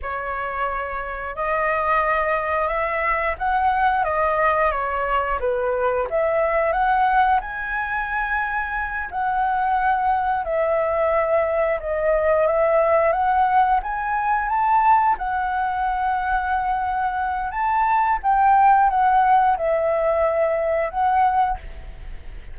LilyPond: \new Staff \with { instrumentName = "flute" } { \time 4/4 \tempo 4 = 89 cis''2 dis''2 | e''4 fis''4 dis''4 cis''4 | b'4 e''4 fis''4 gis''4~ | gis''4. fis''2 e''8~ |
e''4. dis''4 e''4 fis''8~ | fis''8 gis''4 a''4 fis''4.~ | fis''2 a''4 g''4 | fis''4 e''2 fis''4 | }